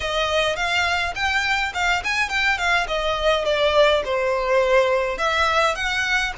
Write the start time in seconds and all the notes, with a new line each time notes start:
0.00 D#5
0.56 F5
1.15 G5
1.73 F5
2.03 G#5
2.29 G5
2.58 F5
2.87 D#5
3.45 D5
4.04 C5
5.18 E5
5.75 F#5